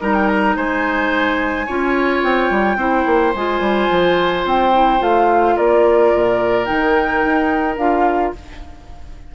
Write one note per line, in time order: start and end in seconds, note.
0.00 0.56 G3
0.00 1.67 D#4
0.00 0.56 A#4
0.00 0.14 A#5
0.14 0.28 G5
0.28 0.56 A#5
0.56 1.67 G#3
0.56 1.66 C5
0.56 2.23 G#5
1.66 2.23 C#4
1.66 2.78 F4
1.66 2.77 C#5
2.23 2.50 C4
2.23 3.34 G5
2.50 2.76 G3
2.76 3.03 C4
2.76 3.33 E4
2.76 5.55 C5
3.06 3.34 A#3
3.35 3.60 G#3
3.35 4.73 F4
3.35 4.46 G#5
3.60 3.87 G3
3.90 4.44 F3
4.44 5.00 C4
4.44 5.02 G5
4.73 4.99 E4
4.99 5.56 A3
4.99 6.64 F4
4.99 5.56 F5
5.56 6.13 A#3
5.56 8.34 A#4
5.56 6.65 D5
6.13 6.69 A#2
6.64 7.24 D#3
6.64 7.75 D#4
6.64 7.76 G5
7.24 7.77 D#4
7.77 8.32 D4
7.77 8.34 F4
7.77 8.33 F5